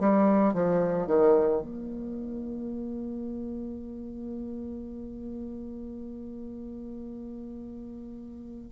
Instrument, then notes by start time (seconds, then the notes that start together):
bassoon
0.00 G3
0.54 F3
1.07 D#3
1.62 A#3